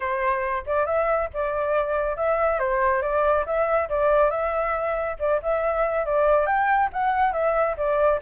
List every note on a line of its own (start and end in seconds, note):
0.00 0.63 C5
0.66 0.86 D5
0.86 1.29 E5
1.33 2.16 D5
2.16 2.59 E5
2.59 3.02 C5
3.02 3.45 D5
3.45 3.88 E5
3.89 4.30 D5
4.30 5.16 E5
5.19 5.41 D5
5.42 6.05 E5
6.05 6.46 D5
6.46 6.89 G5
6.92 7.32 F#5
7.32 7.75 E5
7.77 8.20 D5